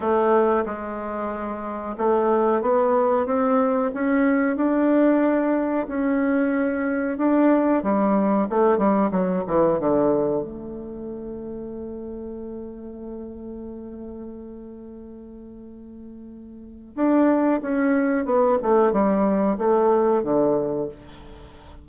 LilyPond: \new Staff \with { instrumentName = "bassoon" } { \time 4/4 \tempo 4 = 92 a4 gis2 a4 | b4 c'4 cis'4 d'4~ | d'4 cis'2 d'4 | g4 a8 g8 fis8 e8 d4 |
a1~ | a1~ | a2 d'4 cis'4 | b8 a8 g4 a4 d4 | }